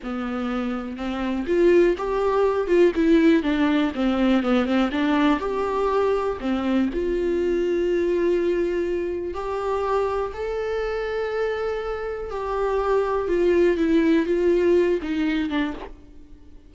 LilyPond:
\new Staff \with { instrumentName = "viola" } { \time 4/4 \tempo 4 = 122 b2 c'4 f'4 | g'4. f'8 e'4 d'4 | c'4 b8 c'8 d'4 g'4~ | g'4 c'4 f'2~ |
f'2. g'4~ | g'4 a'2.~ | a'4 g'2 f'4 | e'4 f'4. dis'4 d'8 | }